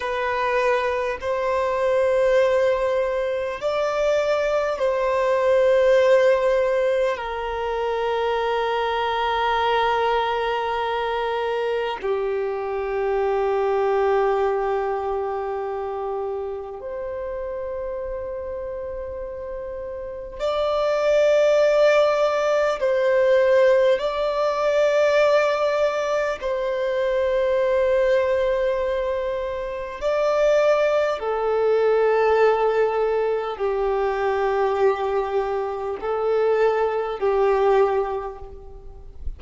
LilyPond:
\new Staff \with { instrumentName = "violin" } { \time 4/4 \tempo 4 = 50 b'4 c''2 d''4 | c''2 ais'2~ | ais'2 g'2~ | g'2 c''2~ |
c''4 d''2 c''4 | d''2 c''2~ | c''4 d''4 a'2 | g'2 a'4 g'4 | }